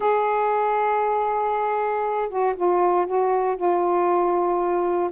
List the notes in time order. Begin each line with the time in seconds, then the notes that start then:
0.00 G#4
2.29 F#4
2.56 F4
3.06 F#4
3.56 F4